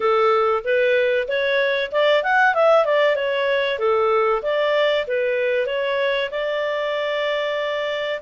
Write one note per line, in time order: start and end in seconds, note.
0.00 0.63 A4
0.64 1.27 B4
1.28 1.91 C#5
1.91 2.23 D5
2.23 2.54 F#5
2.54 2.85 E5
2.85 3.15 D5
3.15 3.78 C#5
3.79 4.42 A4
4.42 5.05 D5
5.07 5.66 B4
5.66 6.29 C#5
6.30 8.20 D5